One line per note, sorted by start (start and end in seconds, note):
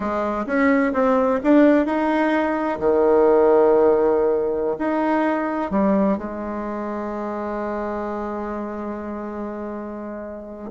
0.00 0.45 G#3
0.46 0.92 C#4
0.93 1.39 C4
1.43 1.86 D4
1.86 2.79 D#4
2.79 4.76 D#3
4.78 5.71 D#4
5.71 6.17 G3
6.17 10.71 G#3